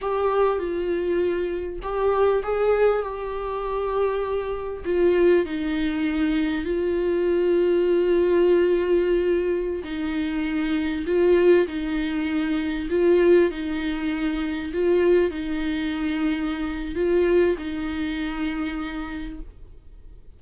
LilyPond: \new Staff \with { instrumentName = "viola" } { \time 4/4 \tempo 4 = 99 g'4 f'2 g'4 | gis'4 g'2. | f'4 dis'2 f'4~ | f'1~ |
f'16 dis'2 f'4 dis'8.~ | dis'4~ dis'16 f'4 dis'4.~ dis'16~ | dis'16 f'4 dis'2~ dis'8. | f'4 dis'2. | }